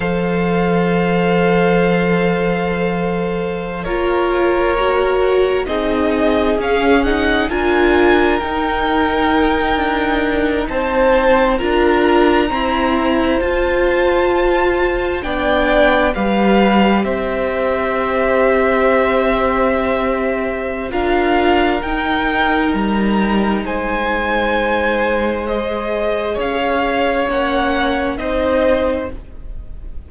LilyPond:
<<
  \new Staff \with { instrumentName = "violin" } { \time 4/4 \tempo 4 = 66 f''1~ | f''16 cis''2 dis''4 f''8 fis''16~ | fis''16 gis''4 g''2~ g''8 a''16~ | a''8. ais''2 a''4~ a''16~ |
a''8. g''4 f''4 e''4~ e''16~ | e''2. f''4 | g''4 ais''4 gis''2 | dis''4 f''4 fis''4 dis''4 | }
  \new Staff \with { instrumentName = "violin" } { \time 4/4 c''1~ | c''16 ais'2 gis'4.~ gis'16~ | gis'16 ais'2.~ ais'8 c''16~ | c''8. ais'4 c''2~ c''16~ |
c''8. d''4 b'4 c''4~ c''16~ | c''2. ais'4~ | ais'2 c''2~ | c''4 cis''2 c''4 | }
  \new Staff \with { instrumentName = "viola" } { \time 4/4 a'1~ | a'16 f'4 fis'4 dis'4 cis'8 dis'16~ | dis'16 f'4 dis'2~ dis'8.~ | dis'8. f'4 c'4 f'4~ f'16~ |
f'8. d'4 g'2~ g'16~ | g'2. f'4 | dis'1 | gis'2 cis'4 dis'4 | }
  \new Staff \with { instrumentName = "cello" } { \time 4/4 f1~ | f16 ais2 c'4 cis'8.~ | cis'16 d'4 dis'4. d'4 c'16~ | c'8. d'4 e'4 f'4~ f'16~ |
f'8. b4 g4 c'4~ c'16~ | c'2. d'4 | dis'4 g4 gis2~ | gis4 cis'4 ais4 c'4 | }
>>